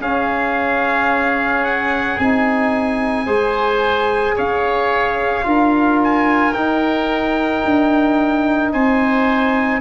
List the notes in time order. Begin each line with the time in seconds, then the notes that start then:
0.00 C#4 G#4 F5
1.64 F#5
2.19 C4 D#4 G#5
3.26 G#3 G#4 C5
4.36 C#4 C#5 F5
5.44 D4 F4 A#4
6.04 G#5
6.53 D#4 G5
7.65 D4
8.73 C4 C5 G#5